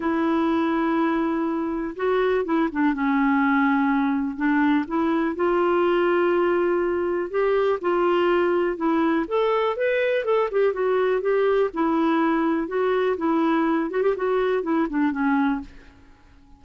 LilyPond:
\new Staff \with { instrumentName = "clarinet" } { \time 4/4 \tempo 4 = 123 e'1 | fis'4 e'8 d'8 cis'2~ | cis'4 d'4 e'4 f'4~ | f'2. g'4 |
f'2 e'4 a'4 | b'4 a'8 g'8 fis'4 g'4 | e'2 fis'4 e'4~ | e'8 fis'16 g'16 fis'4 e'8 d'8 cis'4 | }